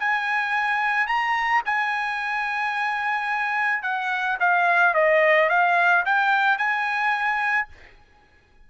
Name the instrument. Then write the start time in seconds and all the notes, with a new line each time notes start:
trumpet
0.00 G#5
1.08 A#5
1.66 G#5
3.83 F#5
4.41 F5
4.95 D#5
5.50 F5
6.06 G5
6.58 G#5